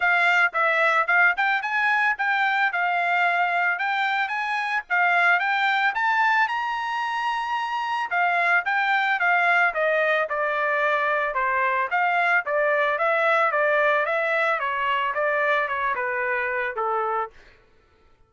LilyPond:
\new Staff \with { instrumentName = "trumpet" } { \time 4/4 \tempo 4 = 111 f''4 e''4 f''8 g''8 gis''4 | g''4 f''2 g''4 | gis''4 f''4 g''4 a''4 | ais''2. f''4 |
g''4 f''4 dis''4 d''4~ | d''4 c''4 f''4 d''4 | e''4 d''4 e''4 cis''4 | d''4 cis''8 b'4. a'4 | }